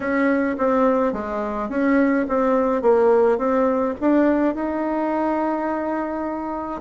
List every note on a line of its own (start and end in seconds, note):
0.00 0.56 C#4
0.58 1.12 C4
1.12 1.69 G#3
1.69 2.25 C#4
2.28 2.82 C4
2.82 3.38 A#3
3.38 3.94 C4
4.00 4.55 D4
4.55 6.81 D#4